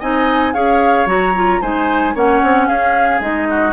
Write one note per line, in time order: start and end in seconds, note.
0.00 0.55 C4
0.00 0.54 D#4
0.00 0.54 D#5
0.00 0.54 G#5
0.54 1.06 C#4
0.54 1.07 G#4
0.54 1.61 C#5
0.54 1.07 F5
1.06 1.60 F#3
1.06 1.34 F#4
1.06 1.62 A#5
1.36 1.62 F4
1.61 2.15 G#3
1.61 2.15 D#4
1.61 2.15 C5
1.61 2.16 G#5
2.15 2.42 A#3
2.15 3.21 C#4
2.15 2.68 C#5
2.15 2.68 F#5
2.43 2.69 C4
2.68 3.20 C#4
2.68 3.48 G#4
2.68 3.21 F5
3.20 3.73 G#3
3.20 3.73 D#4
3.20 3.73 D#5
3.50 3.73 F#4